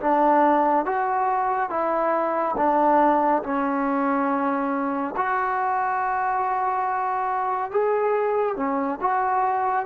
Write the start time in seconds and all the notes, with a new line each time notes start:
0.00 D4
0.85 F#4
1.69 E4
2.57 D4
3.43 C#4
5.16 F#4
7.71 G#4
8.56 C#4
9.01 F#4